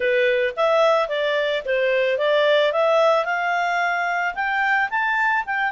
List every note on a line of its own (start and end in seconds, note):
0.00 0.54 B4
0.56 1.08 E5
1.08 1.63 D5
1.65 2.17 C5
2.17 2.72 D5
2.72 3.25 E5
3.25 4.34 F5
4.34 4.89 G5
4.89 5.44 A5
5.46 5.71 G5